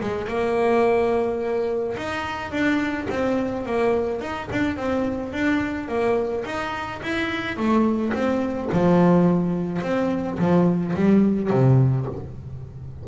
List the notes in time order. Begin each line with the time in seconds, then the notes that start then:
0.00 G#3
0.28 A#3
1.97 D#4
2.51 D4
3.10 C4
3.66 A#3
4.21 D#4
4.51 D4
4.76 C4
5.32 D4
5.88 A#3
6.45 D#4
7.02 E4
7.57 A3
8.13 C4
8.72 F3
9.82 C4
10.38 F3
10.95 G3
11.50 C3